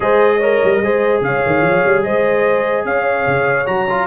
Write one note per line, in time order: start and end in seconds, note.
0.00 0.60 G#3
0.00 0.41 G#4
0.00 0.37 C5
0.00 1.22 D#5
0.37 0.83 A#4
0.37 0.78 C#5
0.63 0.81 G3
0.81 1.21 G#3
0.81 3.65 G#4
0.81 1.24 C5
1.21 1.41 C#3
1.21 2.04 C#5
1.21 2.02 F5
1.46 1.61 D#3
1.61 1.81 F3
1.85 2.05 G3
2.02 2.84 G#3
2.02 2.86 C5
2.02 2.84 D#5
2.84 3.25 C#4
2.84 4.06 C#5
2.84 3.66 F5
3.26 3.67 C#3
3.65 4.06 F#3
3.65 3.86 F#4
3.65 4.06 A#5
3.89 4.06 F4